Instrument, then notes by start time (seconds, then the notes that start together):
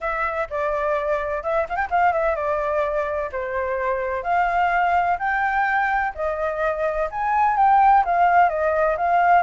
flute
0.01 E5
0.50 D5
1.43 E5
1.69 F5
1.76 G5
1.90 F5
2.13 E5
2.35 D5
3.32 C5
4.23 F5
5.18 G5
6.14 D#5
7.10 G#5
7.56 G5
8.04 F5
8.49 D#5
8.97 F5